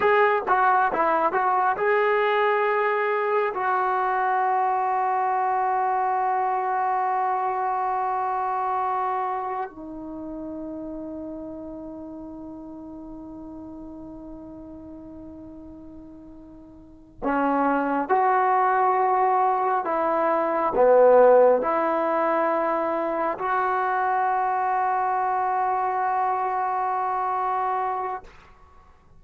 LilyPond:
\new Staff \with { instrumentName = "trombone" } { \time 4/4 \tempo 4 = 68 gis'8 fis'8 e'8 fis'8 gis'2 | fis'1~ | fis'2. dis'4~ | dis'1~ |
dis'2.~ dis'8 cis'8~ | cis'8 fis'2 e'4 b8~ | b8 e'2 fis'4.~ | fis'1 | }